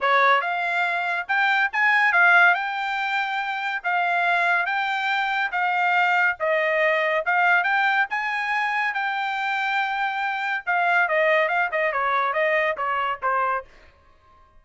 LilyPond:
\new Staff \with { instrumentName = "trumpet" } { \time 4/4 \tempo 4 = 141 cis''4 f''2 g''4 | gis''4 f''4 g''2~ | g''4 f''2 g''4~ | g''4 f''2 dis''4~ |
dis''4 f''4 g''4 gis''4~ | gis''4 g''2.~ | g''4 f''4 dis''4 f''8 dis''8 | cis''4 dis''4 cis''4 c''4 | }